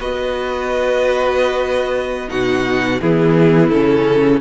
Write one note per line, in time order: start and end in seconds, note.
0.00 2.30 B3
0.00 2.28 F#4
0.00 2.29 B4
0.00 2.30 D#5
2.28 3.01 B2
2.28 2.99 D#4
2.28 3.01 F#4
2.28 3.00 F#5
3.01 3.71 E3
3.01 3.72 B3
3.01 4.41 E4
3.01 3.69 G#4
3.69 4.41 C#3
3.69 4.41 C#4
3.69 4.40 A4